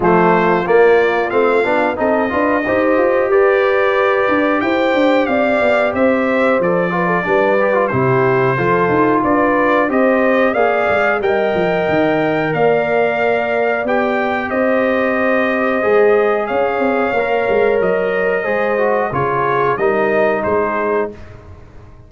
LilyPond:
<<
  \new Staff \with { instrumentName = "trumpet" } { \time 4/4 \tempo 4 = 91 c''4 d''4 f''4 dis''4~ | dis''4 d''2 g''4 | f''4 e''4 d''2 | c''2 d''4 dis''4 |
f''4 g''2 f''4~ | f''4 g''4 dis''2~ | dis''4 f''2 dis''4~ | dis''4 cis''4 dis''4 c''4 | }
  \new Staff \with { instrumentName = "horn" } { \time 4/4 f'2. a'8 b'8 | c''4 b'2 c''4 | d''4 c''4. b'16 a'16 b'4 | g'4 a'4 b'4 c''4 |
d''4 dis''2 d''4~ | d''2 c''2~ | c''4 cis''2. | c''4 gis'4 ais'4 gis'4 | }
  \new Staff \with { instrumentName = "trombone" } { \time 4/4 a4 ais4 c'8 d'8 dis'8 f'8 | g'1~ | g'2 a'8 f'8 d'8 g'16 f'16 | e'4 f'2 g'4 |
gis'4 ais'2.~ | ais'4 g'2. | gis'2 ais'2 | gis'8 fis'8 f'4 dis'2 | }
  \new Staff \with { instrumentName = "tuba" } { \time 4/4 f4 ais4 a8 b8 c'8 d'8 | dis'8 f'8 g'4. d'8 e'8 d'8 | c'8 b8 c'4 f4 g4 | c4 f8 dis'8 d'4 c'4 |
ais8 gis8 g8 f8 dis4 ais4~ | ais4 b4 c'2 | gis4 cis'8 c'8 ais8 gis8 fis4 | gis4 cis4 g4 gis4 | }
>>